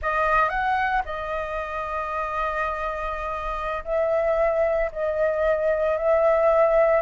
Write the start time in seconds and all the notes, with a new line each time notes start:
0.01 D#5
0.49 F#5
1.05 D#5
3.84 E5
4.91 D#5
5.97 E5